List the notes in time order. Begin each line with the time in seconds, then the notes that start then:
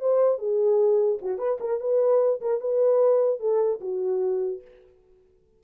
0.00 C5
0.38 G#4
1.22 F#4
1.38 B4
1.60 A#4
1.80 B4
2.41 A#4
2.60 B4
3.40 A4
3.81 F#4